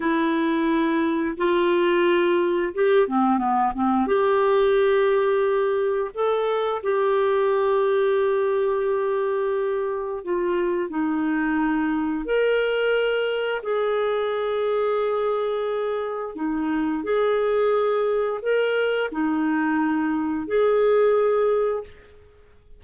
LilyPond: \new Staff \with { instrumentName = "clarinet" } { \time 4/4 \tempo 4 = 88 e'2 f'2 | g'8 c'8 b8 c'8 g'2~ | g'4 a'4 g'2~ | g'2. f'4 |
dis'2 ais'2 | gis'1 | dis'4 gis'2 ais'4 | dis'2 gis'2 | }